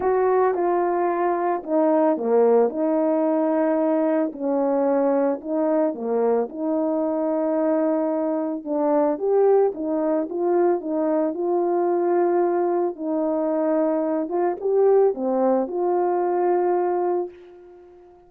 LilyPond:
\new Staff \with { instrumentName = "horn" } { \time 4/4 \tempo 4 = 111 fis'4 f'2 dis'4 | ais4 dis'2. | cis'2 dis'4 ais4 | dis'1 |
d'4 g'4 dis'4 f'4 | dis'4 f'2. | dis'2~ dis'8 f'8 g'4 | c'4 f'2. | }